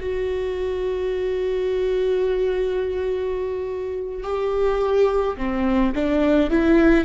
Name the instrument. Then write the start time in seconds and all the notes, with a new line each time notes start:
viola
0.00 F#4
4.23 G4
5.37 C4
5.95 D4
6.50 E4